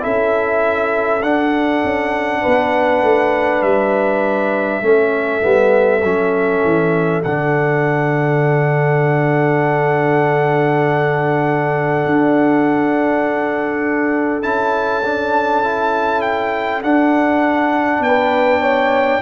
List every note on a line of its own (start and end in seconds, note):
0.00 1.23 C#4
0.00 1.20 E4
0.00 2.41 A4
0.00 1.22 E5
1.22 1.83 D4
1.22 4.82 D4
1.22 3.62 F#5
1.83 2.44 C#4
2.41 3.02 B3
2.41 4.81 B4
3.02 3.62 A3
3.62 4.82 G3
3.62 7.22 E5
4.82 5.42 A3
4.82 5.41 C#4
4.82 18.05 A4
5.41 6.02 G3
5.41 6.00 B3
6.02 6.62 F#3
6.02 7.24 C#4
6.64 7.24 E3
7.23 12.05 D3
7.23 14.42 D4
7.23 14.42 F#5
12.05 14.44 D4
14.42 16.82 C#4
14.42 15.02 E4
14.42 16.21 A5
15.04 15.62 D4
15.62 16.82 E4
16.21 16.81 G5
16.82 18.00 D4
16.82 19.21 D4
16.82 18.03 F#5
18.00 19.20 B3
18.00 18.61 B4
18.00 19.21 G5
18.61 19.21 C#5